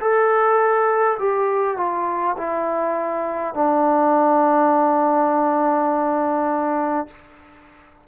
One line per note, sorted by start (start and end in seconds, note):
0.00 1.18 A4
1.19 1.77 G4
1.77 2.36 F4
2.37 3.54 E4
3.54 7.07 D4